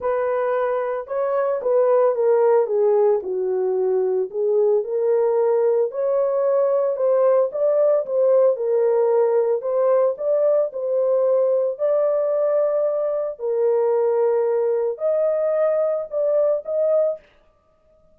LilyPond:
\new Staff \with { instrumentName = "horn" } { \time 4/4 \tempo 4 = 112 b'2 cis''4 b'4 | ais'4 gis'4 fis'2 | gis'4 ais'2 cis''4~ | cis''4 c''4 d''4 c''4 |
ais'2 c''4 d''4 | c''2 d''2~ | d''4 ais'2. | dis''2 d''4 dis''4 | }